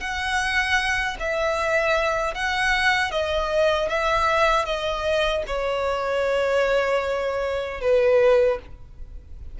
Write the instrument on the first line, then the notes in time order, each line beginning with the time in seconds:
violin
0.00 F#5
1.20 E5
2.34 F#5
3.11 D#5
3.89 E5
4.65 D#5
5.47 C#5
7.81 B4